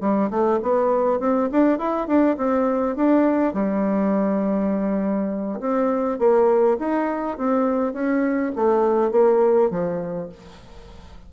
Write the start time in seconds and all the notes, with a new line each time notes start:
0.00 G3
0.30 A3
0.62 B3
1.20 C4
1.51 D4
1.78 E4
2.07 D4
2.37 C4
2.96 D4
3.53 G3
5.60 C4
6.19 A#3
6.79 D#4
7.37 C4
7.93 C#4
8.55 A3
9.11 A#3
9.70 F3